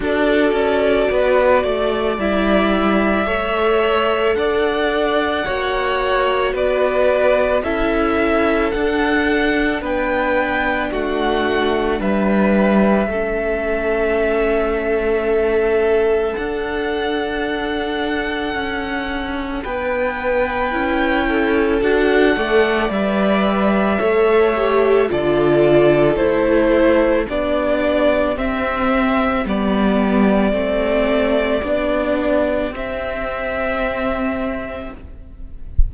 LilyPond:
<<
  \new Staff \with { instrumentName = "violin" } { \time 4/4 \tempo 4 = 55 d''2 e''2 | fis''2 d''4 e''4 | fis''4 g''4 fis''4 e''4~ | e''2. fis''4~ |
fis''2 g''2 | fis''4 e''2 d''4 | c''4 d''4 e''4 d''4~ | d''2 e''2 | }
  \new Staff \with { instrumentName = "violin" } { \time 4/4 a'4 b'8 d''4. cis''4 | d''4 cis''4 b'4 a'4~ | a'4 b'4 fis'4 b'4 | a'1~ |
a'2 b'4. a'8~ | a'8 d''4. cis''4 a'4~ | a'4 g'2.~ | g'1 | }
  \new Staff \with { instrumentName = "viola" } { \time 4/4 fis'2 e'4 a'4~ | a'4 fis'2 e'4 | d'1 | cis'2. d'4~ |
d'2. e'4 | fis'8 a'8 b'4 a'8 g'8 f'4 | e'4 d'4 c'4 b4 | c'4 d'4 c'2 | }
  \new Staff \with { instrumentName = "cello" } { \time 4/4 d'8 cis'8 b8 a8 g4 a4 | d'4 ais4 b4 cis'4 | d'4 b4 a4 g4 | a2. d'4~ |
d'4 cis'4 b4 cis'4 | d'8 a8 g4 a4 d4 | a4 b4 c'4 g4 | a4 b4 c'2 | }
>>